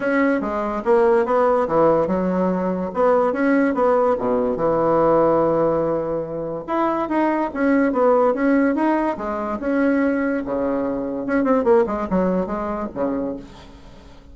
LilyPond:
\new Staff \with { instrumentName = "bassoon" } { \time 4/4 \tempo 4 = 144 cis'4 gis4 ais4 b4 | e4 fis2 b4 | cis'4 b4 b,4 e4~ | e1 |
e'4 dis'4 cis'4 b4 | cis'4 dis'4 gis4 cis'4~ | cis'4 cis2 cis'8 c'8 | ais8 gis8 fis4 gis4 cis4 | }